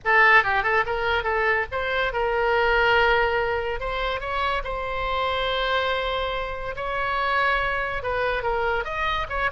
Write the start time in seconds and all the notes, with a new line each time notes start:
0.04 A4
0.43 G4
0.63 A4
0.86 A#4
1.23 A4
1.71 C5
2.12 A#4
3.80 C5
4.20 C#5
4.64 C5
6.76 C#5
8.03 B4
8.42 A#4
8.84 D#5
9.29 C#5